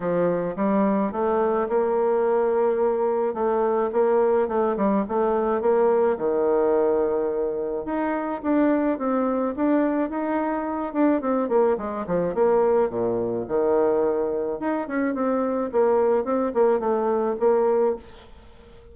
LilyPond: \new Staff \with { instrumentName = "bassoon" } { \time 4/4 \tempo 4 = 107 f4 g4 a4 ais4~ | ais2 a4 ais4 | a8 g8 a4 ais4 dis4~ | dis2 dis'4 d'4 |
c'4 d'4 dis'4. d'8 | c'8 ais8 gis8 f8 ais4 ais,4 | dis2 dis'8 cis'8 c'4 | ais4 c'8 ais8 a4 ais4 | }